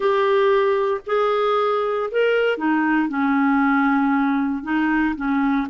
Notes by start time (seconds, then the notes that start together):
0.00 G4
1.06 G#4
2.11 A#4
2.57 D#4
3.08 C#4
4.63 D#4
5.15 C#4